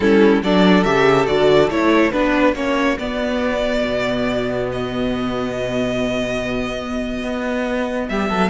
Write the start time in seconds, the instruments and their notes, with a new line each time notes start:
0.00 cello G3, viola C#4, violin E4 A4
0.42 cello F#3, viola D4, violin A4 D5
0.83 cello C#3, viola G4, violin E5
1.26 cello D3, viola F#4, violin D5
1.69 cello A3, viola E4, violin C#5
2.11 cello B3, viola D4, violin F#4 B4
2.54 cello A#3, viola C#4, violin C#5
2.98 viola B3, cello B3, violin D5
3.83 cello B2
4.72 violin D#5
7.23 cello B3
8.08 cello G3, violin G4 E5
8.29 cello F#3, violin A4